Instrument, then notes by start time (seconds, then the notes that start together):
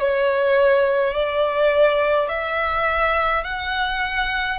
violin
0.00 C#5
1.14 D5
2.29 E5
3.44 F#5